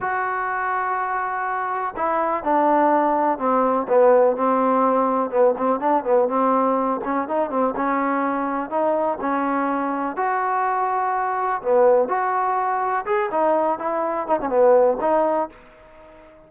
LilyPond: \new Staff \with { instrumentName = "trombone" } { \time 4/4 \tempo 4 = 124 fis'1 | e'4 d'2 c'4 | b4 c'2 b8 c'8 | d'8 b8 c'4. cis'8 dis'8 c'8 |
cis'2 dis'4 cis'4~ | cis'4 fis'2. | b4 fis'2 gis'8 dis'8~ | dis'8 e'4 dis'16 cis'16 b4 dis'4 | }